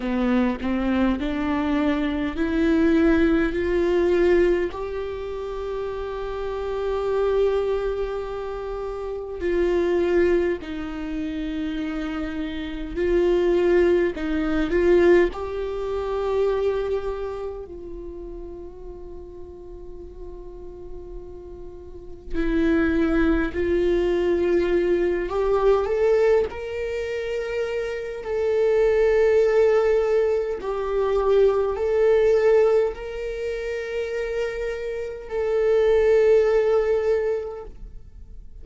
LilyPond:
\new Staff \with { instrumentName = "viola" } { \time 4/4 \tempo 4 = 51 b8 c'8 d'4 e'4 f'4 | g'1 | f'4 dis'2 f'4 | dis'8 f'8 g'2 f'4~ |
f'2. e'4 | f'4. g'8 a'8 ais'4. | a'2 g'4 a'4 | ais'2 a'2 | }